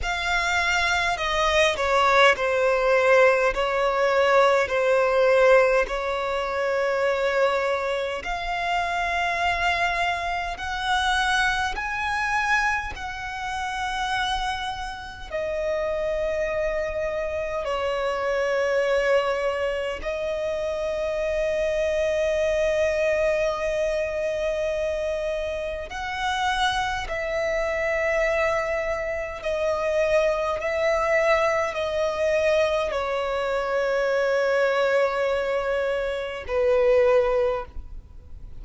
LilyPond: \new Staff \with { instrumentName = "violin" } { \time 4/4 \tempo 4 = 51 f''4 dis''8 cis''8 c''4 cis''4 | c''4 cis''2 f''4~ | f''4 fis''4 gis''4 fis''4~ | fis''4 dis''2 cis''4~ |
cis''4 dis''2.~ | dis''2 fis''4 e''4~ | e''4 dis''4 e''4 dis''4 | cis''2. b'4 | }